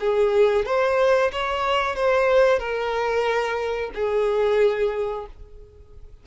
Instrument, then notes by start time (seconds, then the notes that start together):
violin
0.00 G#4
0.65 C5
1.32 C#5
1.95 C5
2.59 A#4
3.94 G#4